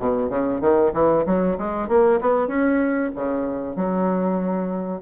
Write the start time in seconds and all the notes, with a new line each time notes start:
0.00 B2
0.30 C#3
0.61 D#3
0.94 E3
1.26 F#3
1.58 G#3
1.89 A#3
2.21 B3
2.48 C#4
3.16 C#3
3.76 F#3